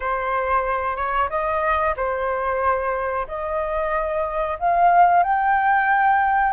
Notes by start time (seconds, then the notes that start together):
0.00 C5
0.96 C#5
1.29 D#5
1.96 C5
3.27 D#5
4.59 F5
5.23 G5